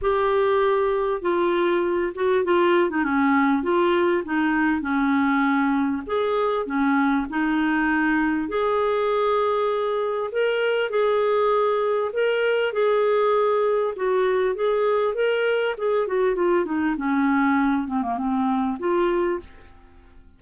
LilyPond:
\new Staff \with { instrumentName = "clarinet" } { \time 4/4 \tempo 4 = 99 g'2 f'4. fis'8 | f'8. dis'16 cis'4 f'4 dis'4 | cis'2 gis'4 cis'4 | dis'2 gis'2~ |
gis'4 ais'4 gis'2 | ais'4 gis'2 fis'4 | gis'4 ais'4 gis'8 fis'8 f'8 dis'8 | cis'4. c'16 ais16 c'4 f'4 | }